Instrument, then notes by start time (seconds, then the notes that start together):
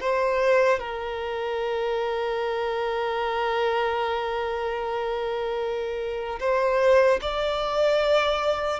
violin
0.00 C5
0.79 A#4
6.40 C5
7.21 D5